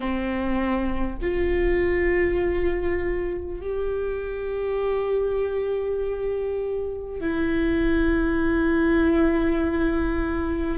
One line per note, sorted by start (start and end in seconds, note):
0.00 1.17 C4
1.21 3.61 F4
3.61 7.20 G4
7.20 10.77 E4